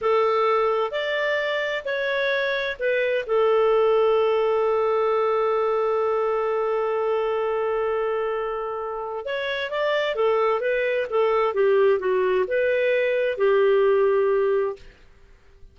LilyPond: \new Staff \with { instrumentName = "clarinet" } { \time 4/4 \tempo 4 = 130 a'2 d''2 | cis''2 b'4 a'4~ | a'1~ | a'1~ |
a'1 | cis''4 d''4 a'4 b'4 | a'4 g'4 fis'4 b'4~ | b'4 g'2. | }